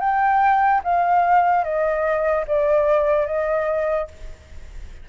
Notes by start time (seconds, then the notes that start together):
0.00 G5
0.83 F5
1.64 D#5
2.47 D5
3.27 D#5